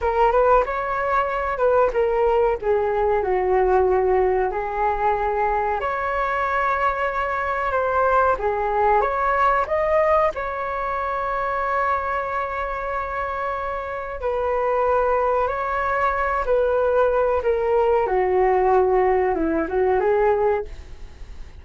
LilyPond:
\new Staff \with { instrumentName = "flute" } { \time 4/4 \tempo 4 = 93 ais'8 b'8 cis''4. b'8 ais'4 | gis'4 fis'2 gis'4~ | gis'4 cis''2. | c''4 gis'4 cis''4 dis''4 |
cis''1~ | cis''2 b'2 | cis''4. b'4. ais'4 | fis'2 e'8 fis'8 gis'4 | }